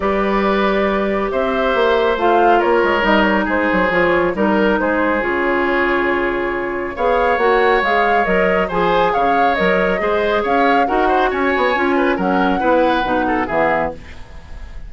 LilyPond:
<<
  \new Staff \with { instrumentName = "flute" } { \time 4/4 \tempo 4 = 138 d''2. e''4~ | e''4 f''4 cis''4 dis''8 cis''8 | c''4 cis''4 ais'4 c''4 | cis''1 |
f''4 fis''4 f''4 dis''4 | gis''4 f''4 dis''2 | f''4 fis''4 gis''2 | fis''2. e''4 | }
  \new Staff \with { instrumentName = "oboe" } { \time 4/4 b'2. c''4~ | c''2 ais'2 | gis'2 ais'4 gis'4~ | gis'1 |
cis''1 | c''4 cis''2 c''4 | cis''4 ais'8 c''8 cis''4. b'8 | ais'4 b'4. a'8 gis'4 | }
  \new Staff \with { instrumentName = "clarinet" } { \time 4/4 g'1~ | g'4 f'2 dis'4~ | dis'4 f'4 dis'2 | f'1 |
gis'4 fis'4 gis'4 ais'4 | gis'2 ais'4 gis'4~ | gis'4 fis'2 f'4 | cis'4 e'4 dis'4 b4 | }
  \new Staff \with { instrumentName = "bassoon" } { \time 4/4 g2. c'4 | ais4 a4 ais8 gis8 g4 | gis8 fis8 f4 g4 gis4 | cis1 |
b4 ais4 gis4 fis4 | f4 cis4 fis4 gis4 | cis'4 dis'4 cis'8 b8 cis'4 | fis4 b4 b,4 e4 | }
>>